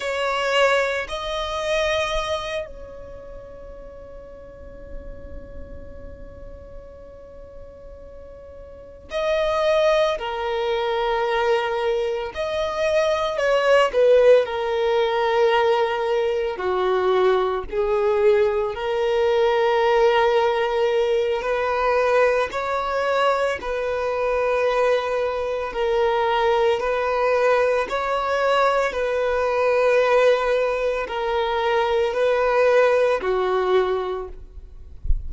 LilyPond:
\new Staff \with { instrumentName = "violin" } { \time 4/4 \tempo 4 = 56 cis''4 dis''4. cis''4.~ | cis''1~ | cis''8 dis''4 ais'2 dis''8~ | dis''8 cis''8 b'8 ais'2 fis'8~ |
fis'8 gis'4 ais'2~ ais'8 | b'4 cis''4 b'2 | ais'4 b'4 cis''4 b'4~ | b'4 ais'4 b'4 fis'4 | }